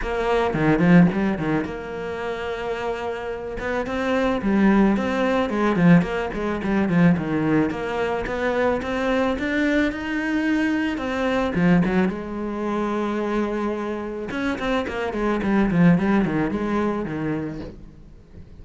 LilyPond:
\new Staff \with { instrumentName = "cello" } { \time 4/4 \tempo 4 = 109 ais4 dis8 f8 g8 dis8 ais4~ | ais2~ ais8 b8 c'4 | g4 c'4 gis8 f8 ais8 gis8 | g8 f8 dis4 ais4 b4 |
c'4 d'4 dis'2 | c'4 f8 fis8 gis2~ | gis2 cis'8 c'8 ais8 gis8 | g8 f8 g8 dis8 gis4 dis4 | }